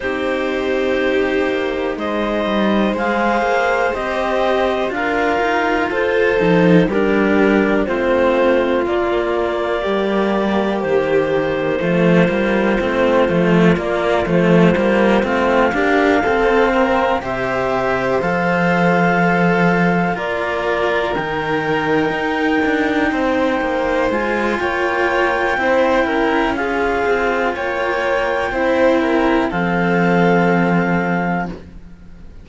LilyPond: <<
  \new Staff \with { instrumentName = "clarinet" } { \time 4/4 \tempo 4 = 61 c''2 dis''4 f''4 | dis''4 f''4 c''4 ais'4 | c''4 d''2 c''4~ | c''2 d''8 c''4 f''8~ |
f''4. e''4 f''4.~ | f''8 d''4 g''2~ g''8~ | g''8 gis''8 g''2 f''4 | g''2 f''2 | }
  \new Staff \with { instrumentName = "violin" } { \time 4/4 g'2 c''2~ | c''4 ais'4 a'4 g'4 | f'2 g'2 | f'1 |
g'8 a'8 ais'8 c''2~ c''8~ | c''8 ais'2. c''8~ | c''4 cis''4 c''8 ais'8 gis'4 | cis''4 c''8 ais'8 a'2 | }
  \new Staff \with { instrumentName = "cello" } { \time 4/4 dis'2. gis'4 | g'4 f'4. dis'8 d'4 | c'4 ais2. | a8 ais8 c'8 a8 ais8 a8 ais8 c'8 |
d'8 c'4 g'4 a'4.~ | a'8 f'4 dis'2~ dis'8~ | dis'8 f'4. e'4 f'4~ | f'4 e'4 c'2 | }
  \new Staff \with { instrumentName = "cello" } { \time 4/4 c'4. ais8 gis8 g8 gis8 ais8 | c'4 d'8 dis'8 f'8 f8 g4 | a4 ais4 g4 dis4 | f8 g8 a8 f8 ais8 f8 g8 a8 |
ais8 c'4 c4 f4.~ | f8 ais4 dis4 dis'8 d'8 c'8 | ais8 gis8 ais4 c'8 cis'4 c'8 | ais4 c'4 f2 | }
>>